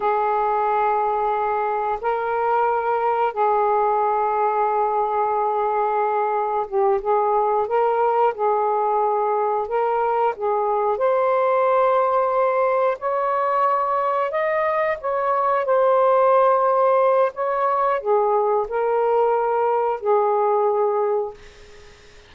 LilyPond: \new Staff \with { instrumentName = "saxophone" } { \time 4/4 \tempo 4 = 90 gis'2. ais'4~ | ais'4 gis'2.~ | gis'2 g'8 gis'4 ais'8~ | ais'8 gis'2 ais'4 gis'8~ |
gis'8 c''2. cis''8~ | cis''4. dis''4 cis''4 c''8~ | c''2 cis''4 gis'4 | ais'2 gis'2 | }